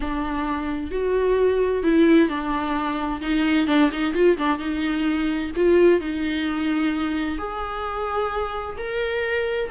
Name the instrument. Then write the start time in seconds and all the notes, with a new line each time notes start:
viola
0.00 D4
0.91 F#4
1.83 E4
2.28 D4
3.21 D#4
3.67 D4
3.91 D#4
4.14 F4
4.37 D4
4.59 D#4
5.56 F4
6.00 D#4
7.37 G#4
8.77 A#4